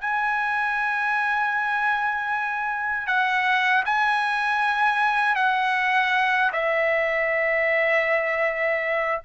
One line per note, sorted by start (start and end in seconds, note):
0.00 3.07 G#5
3.07 3.84 F#5
3.85 5.35 G#5
5.35 6.51 F#5
6.52 9.22 E5